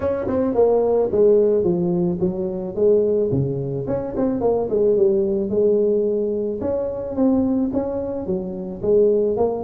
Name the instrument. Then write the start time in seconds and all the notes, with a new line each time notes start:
tuba
0.00 C#4
0.27 C4
0.54 A#3
1.11 G#3
1.63 F3
2.20 F#3
2.75 G#3
3.31 C#3
3.87 C#4
4.16 C4
4.40 A#3
4.69 G#3
4.97 G3
5.49 G#3
6.61 C#4
7.15 C4
7.73 C#4
8.26 F#3
8.81 G#3
9.36 A#3